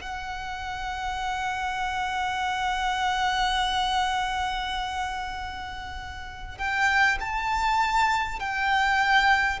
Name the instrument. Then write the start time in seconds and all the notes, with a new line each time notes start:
violin
0.00 F#5
6.58 G5
7.20 A5
8.39 G5